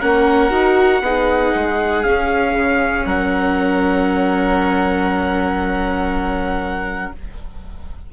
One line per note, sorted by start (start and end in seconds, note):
0.00 0.50 A#3
0.00 0.50 C#4
0.00 1.02 A#4
0.00 2.03 F#5
0.50 1.01 D#4
0.50 1.01 F#4
1.01 1.52 B3
1.01 2.04 D#4
1.01 3.06 G#4
1.55 2.05 G#3
2.03 7.12 C#4
2.03 2.52 C#4
2.03 3.05 F5
2.52 3.03 C#3
3.05 7.12 F#3
3.05 7.13 A#4
3.05 7.12 F#5